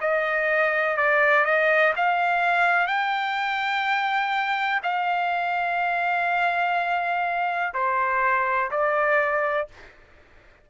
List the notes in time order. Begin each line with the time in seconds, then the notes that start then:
0.00 D#5
0.96 D5
1.45 D#5
1.96 F5
2.87 G5
4.83 F5
7.73 C5
8.71 D5